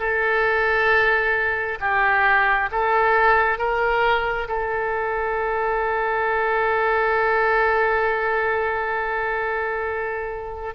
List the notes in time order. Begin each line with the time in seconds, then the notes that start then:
0.00 A4
1.80 G4
2.72 A4
3.59 A#4
4.49 A4